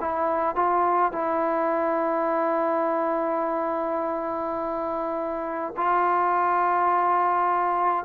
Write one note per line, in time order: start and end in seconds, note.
0.00 0.55 E4
0.55 1.12 F4
1.12 5.73 E4
5.76 8.05 F4